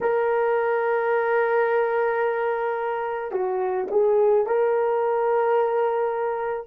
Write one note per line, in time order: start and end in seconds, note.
0.00 3.31 A#4
3.31 3.87 F#4
3.90 4.46 G#4
4.46 6.66 A#4